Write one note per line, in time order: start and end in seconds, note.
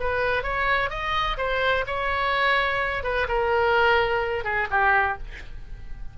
0.00 0.43 B4
0.43 0.90 C#5
0.90 1.37 D#5
1.38 1.85 C5
1.87 3.03 C#5
3.03 3.27 B4
3.28 4.44 A#4
4.44 4.68 G#4
4.71 5.18 G4